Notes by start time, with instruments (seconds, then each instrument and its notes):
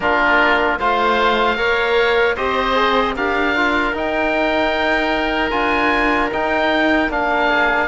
0.00 cello A#3, trombone D4, oboe F4 A#4
0.79 cello A3, trombone F4, oboe C5 F5
1.56 cello A#3, trombone A#4, oboe C#5
2.35 cello C4, trombone G4, oboe C5 D#5
2.74 trombone G#4
3.16 cello D4, trombone G4, oboe A#4 F5
3.56 trombone F4
3.92 cello D#4, trombone D#4, oboe G5
5.50 cello D4, trombone F4, oboe G#5
6.32 trombone D#4, cello D#4, oboe G5
7.10 cello A#3, trombone D4, oboe F5
7.48 oboe G#4